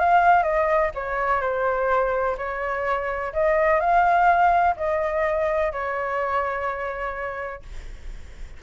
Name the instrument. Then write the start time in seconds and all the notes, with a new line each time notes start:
flute
0.00 F5
0.44 D#5
0.95 C#5
1.41 C5
2.38 C#5
3.34 D#5
3.81 F5
4.77 D#5
5.73 C#5